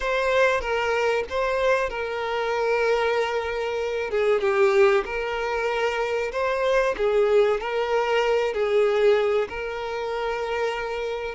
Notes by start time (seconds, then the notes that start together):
0.00 C5
0.61 A#4
1.29 C5
1.89 A#4
4.10 G#4
4.40 G4
5.05 A#4
6.32 C5
6.97 G#4
7.60 A#4
8.53 G#4
9.49 A#4